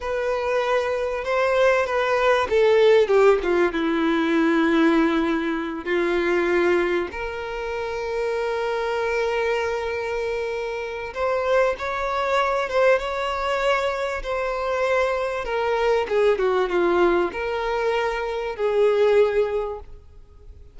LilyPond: \new Staff \with { instrumentName = "violin" } { \time 4/4 \tempo 4 = 97 b'2 c''4 b'4 | a'4 g'8 f'8 e'2~ | e'4. f'2 ais'8~ | ais'1~ |
ais'2 c''4 cis''4~ | cis''8 c''8 cis''2 c''4~ | c''4 ais'4 gis'8 fis'8 f'4 | ais'2 gis'2 | }